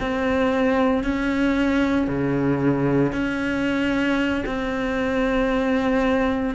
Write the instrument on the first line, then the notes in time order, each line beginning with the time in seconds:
cello
0.00 C4
1.03 C#4
2.07 C#3
3.12 C#4
4.45 C4